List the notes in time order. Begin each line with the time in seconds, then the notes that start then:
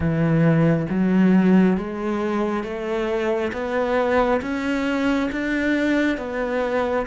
0.00 E3
0.89 F#3
1.76 G#3
2.63 A3
3.52 B3
4.41 C#4
5.32 D4
6.17 B3